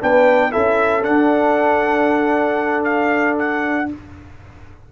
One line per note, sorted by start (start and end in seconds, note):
0.00 0.54 B3
0.00 0.51 D4
0.00 0.52 B4
0.00 0.52 G5
0.51 1.07 C#4
0.51 1.01 E4
0.51 3.88 A4
0.51 1.03 E5
1.01 3.86 D4
1.01 3.92 D4
1.01 2.84 F#5
2.84 3.36 F5
3.38 3.90 F#5